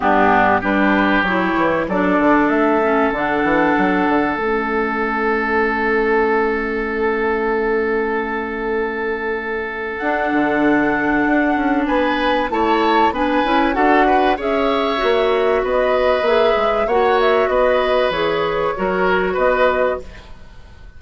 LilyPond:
<<
  \new Staff \with { instrumentName = "flute" } { \time 4/4 \tempo 4 = 96 g'4 b'4 cis''4 d''4 | e''4 fis''2 e''4~ | e''1~ | e''1 |
fis''2. gis''4 | a''4 gis''4 fis''4 e''4~ | e''4 dis''4 e''4 fis''8 e''8 | dis''4 cis''2 dis''4 | }
  \new Staff \with { instrumentName = "oboe" } { \time 4/4 d'4 g'2 a'4~ | a'1~ | a'1~ | a'1~ |
a'2. b'4 | cis''4 b'4 a'8 b'8 cis''4~ | cis''4 b'2 cis''4 | b'2 ais'4 b'4 | }
  \new Staff \with { instrumentName = "clarinet" } { \time 4/4 b4 d'4 e'4 d'4~ | d'8 cis'8 d'2 cis'4~ | cis'1~ | cis'1 |
d'1 | e'4 d'8 e'8 fis'4 gis'4 | fis'2 gis'4 fis'4~ | fis'4 gis'4 fis'2 | }
  \new Staff \with { instrumentName = "bassoon" } { \time 4/4 g,4 g4 fis8 e8 fis8 d8 | a4 d8 e8 fis8 d8 a4~ | a1~ | a1 |
d'8 d4. d'8 cis'8 b4 | a4 b8 cis'8 d'4 cis'4 | ais4 b4 ais8 gis8 ais4 | b4 e4 fis4 b4 | }
>>